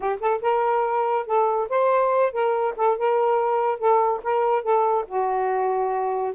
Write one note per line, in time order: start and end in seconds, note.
0.00 0.19 G4
0.20 0.41 A4
0.41 1.26 A#4
1.26 1.68 A4
1.69 2.32 C5
2.32 2.74 A#4
2.76 2.97 A4
2.97 3.78 A#4
3.78 4.20 A4
4.23 4.62 A#4
4.62 5.05 A4
5.07 6.34 F#4